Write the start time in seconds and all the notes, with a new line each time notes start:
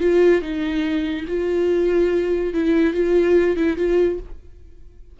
0.00 F4
0.42 D#4
1.28 F4
2.54 E4
2.94 F4
3.56 E4
3.77 F4